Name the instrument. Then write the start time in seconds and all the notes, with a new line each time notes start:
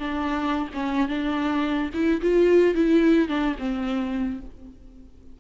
viola
0.00 D4
0.74 C#4
1.09 D4
1.94 E4
2.22 F4
2.75 E4
3.29 D4
3.59 C4